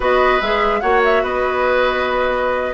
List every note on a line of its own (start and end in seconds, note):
0.00 0.40 B3
0.00 0.41 F#4
0.00 0.79 B4
0.00 0.41 D#5
0.41 0.82 G#3
0.41 0.81 G#4
0.41 0.80 E5
0.80 1.22 A#3
0.80 2.73 F#4
0.80 1.23 C#5
0.80 1.01 F#5
1.04 1.24 E5
1.22 2.73 B3
1.22 2.73 B4
1.22 2.73 D#5